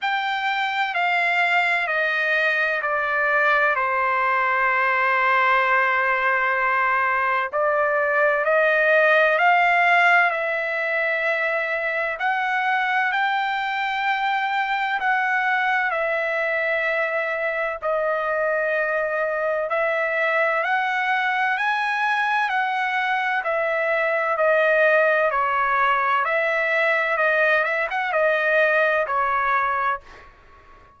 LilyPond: \new Staff \with { instrumentName = "trumpet" } { \time 4/4 \tempo 4 = 64 g''4 f''4 dis''4 d''4 | c''1 | d''4 dis''4 f''4 e''4~ | e''4 fis''4 g''2 |
fis''4 e''2 dis''4~ | dis''4 e''4 fis''4 gis''4 | fis''4 e''4 dis''4 cis''4 | e''4 dis''8 e''16 fis''16 dis''4 cis''4 | }